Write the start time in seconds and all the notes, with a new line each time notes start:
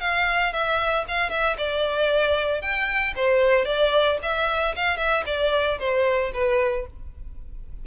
0.00 F5
0.53 E5
1.08 F5
1.30 E5
1.58 D5
2.61 G5
3.16 C5
3.65 D5
4.22 E5
4.75 F5
4.97 E5
5.26 D5
5.79 C5
6.33 B4